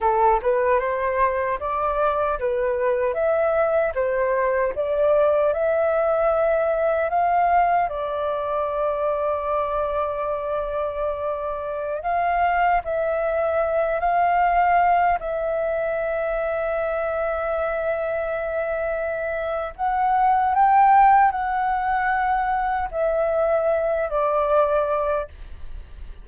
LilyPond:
\new Staff \with { instrumentName = "flute" } { \time 4/4 \tempo 4 = 76 a'8 b'8 c''4 d''4 b'4 | e''4 c''4 d''4 e''4~ | e''4 f''4 d''2~ | d''2.~ d''16 f''8.~ |
f''16 e''4. f''4. e''8.~ | e''1~ | e''4 fis''4 g''4 fis''4~ | fis''4 e''4. d''4. | }